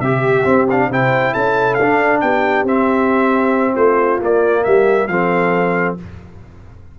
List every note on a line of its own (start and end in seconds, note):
0.00 0.44 C3
0.00 0.89 G4
0.00 0.44 G4
0.00 0.66 E5
0.44 0.66 C4
0.44 0.89 C4
0.70 0.91 D4
0.70 0.92 F5
0.89 1.33 C3
0.89 1.79 E4
0.89 1.33 C5
0.89 1.33 G5
1.33 1.79 C#4
1.33 2.21 A4
1.33 1.74 A5
1.74 2.22 D4
1.74 2.18 F5
1.81 2.66 D4
2.21 2.63 B3
2.21 3.73 G4
2.21 2.65 G5
2.63 3.73 C4
2.63 4.20 C4
2.63 3.75 E5
3.73 4.20 A3
3.73 4.61 F4
3.73 4.19 C5
4.20 5.08 A#3
4.20 4.65 A#3
4.20 4.64 D5
4.64 5.08 G3
4.64 5.09 G4
4.64 5.07 E5
5.07 5.96 F3
5.07 5.97 C4
5.07 5.99 A4
5.07 5.95 F5